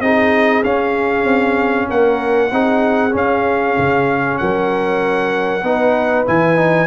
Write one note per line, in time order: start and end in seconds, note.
0.00 0.62 C4
0.00 0.63 D#4
0.00 1.89 G#4
0.00 0.63 D#5
0.63 2.51 C#4
0.63 1.24 C#4
0.63 1.89 F5
1.24 1.87 C4
1.89 2.51 A#3
1.89 2.51 A#4
1.89 3.15 F#5
2.51 3.14 C4
2.51 3.10 D#4
2.51 4.40 G#4
3.10 5.60 C#4
3.10 3.77 C#4
3.16 4.38 F5
3.77 4.40 C#3
4.38 5.63 F#3
4.38 5.65 A#4
4.38 6.25 F#5
5.63 6.25 B3
5.63 6.26 D#4
5.63 6.87 B4
6.26 6.87 E3
6.26 6.56 E4
6.26 6.87 G#5
6.56 6.87 D#4